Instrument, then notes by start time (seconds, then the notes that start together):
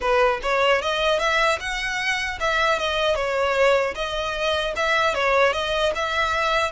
violin
0.00 B4
0.42 C#5
0.81 D#5
1.19 E5
1.60 F#5
2.40 E5
2.78 D#5
3.15 C#5
3.95 D#5
4.75 E5
5.14 C#5
5.53 D#5
5.95 E5